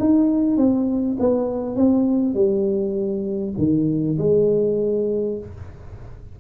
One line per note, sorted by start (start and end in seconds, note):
0.00 0.58 D#4
0.58 1.18 C4
1.20 1.76 B3
1.76 2.35 C4
2.35 3.55 G3
3.58 4.18 D#3
4.19 5.39 G#3